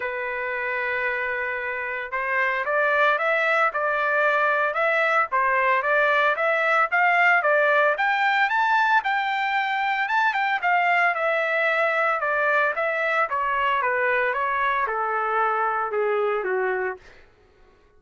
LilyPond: \new Staff \with { instrumentName = "trumpet" } { \time 4/4 \tempo 4 = 113 b'1 | c''4 d''4 e''4 d''4~ | d''4 e''4 c''4 d''4 | e''4 f''4 d''4 g''4 |
a''4 g''2 a''8 g''8 | f''4 e''2 d''4 | e''4 cis''4 b'4 cis''4 | a'2 gis'4 fis'4 | }